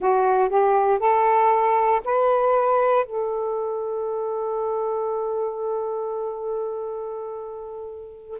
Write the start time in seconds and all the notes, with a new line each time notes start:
0.00 F#4
0.49 G4
0.99 A4
2.04 B4
3.05 A4